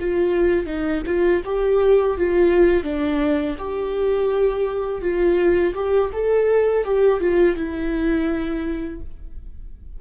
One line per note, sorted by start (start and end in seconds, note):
0.00 0.67 F4
0.67 1.03 D#4
1.06 1.43 F4
1.45 2.18 G4
2.18 2.84 F4
2.84 3.56 D4
3.58 5.02 G4
5.02 5.74 F4
5.74 6.11 G4
6.13 6.85 A4
6.85 7.21 G4
7.21 7.56 F4
7.56 9.01 E4